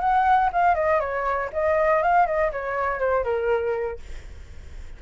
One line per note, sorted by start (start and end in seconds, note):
0.00 0.50 F#5
0.52 0.75 F5
0.75 1.00 D#5
1.00 1.50 C#5
1.53 2.03 D#5
2.03 2.26 F5
2.26 2.51 D#5
2.52 2.99 C#5
2.99 3.24 C5
3.24 3.99 A#4